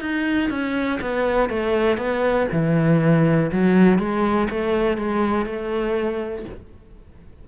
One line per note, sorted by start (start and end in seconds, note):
0.00 0.49 D#4
0.49 0.99 C#4
1.00 1.49 B3
1.49 1.97 A3
1.97 2.47 B3
2.51 3.50 E3
3.51 3.98 F#3
3.98 4.48 G#3
4.50 4.97 A3
4.97 5.45 G#3
5.45 6.45 A3